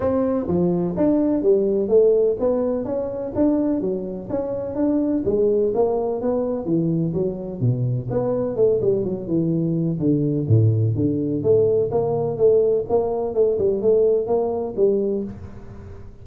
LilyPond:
\new Staff \with { instrumentName = "tuba" } { \time 4/4 \tempo 4 = 126 c'4 f4 d'4 g4 | a4 b4 cis'4 d'4 | fis4 cis'4 d'4 gis4 | ais4 b4 e4 fis4 |
b,4 b4 a8 g8 fis8 e8~ | e4 d4 a,4 d4 | a4 ais4 a4 ais4 | a8 g8 a4 ais4 g4 | }